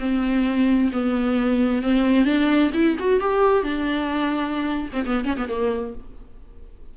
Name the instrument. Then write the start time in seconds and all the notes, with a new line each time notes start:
viola
0.00 C4
0.93 B3
1.83 C4
2.25 D4
2.74 E4
3.00 F#4
3.20 G4
3.64 D4
4.93 C4
5.06 B3
5.25 C#4
5.37 B3
5.49 A#3